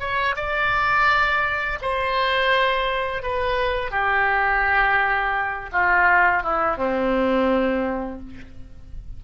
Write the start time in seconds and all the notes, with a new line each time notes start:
0.00 C#5
0.36 D5
1.82 C5
3.23 B4
3.91 G4
5.72 F4
6.44 E4
6.77 C4